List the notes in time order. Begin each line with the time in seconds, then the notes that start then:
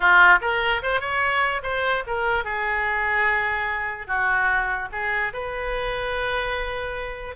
0.00 F4
0.41 A#4
0.82 C5
1.00 C#5
1.63 C5
2.06 A#4
2.44 G#4
4.07 F#4
4.91 G#4
5.33 B4